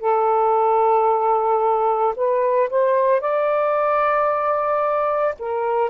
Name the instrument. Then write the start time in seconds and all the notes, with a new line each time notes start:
saxophone
0.00 A4
2.16 B4
2.70 C5
3.20 D5
5.39 A#4